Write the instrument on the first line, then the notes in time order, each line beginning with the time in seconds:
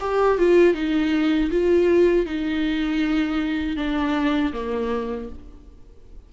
viola
0.00 G4
0.38 F4
0.74 D#4
1.51 F4
2.26 D#4
3.76 D4
4.53 A#3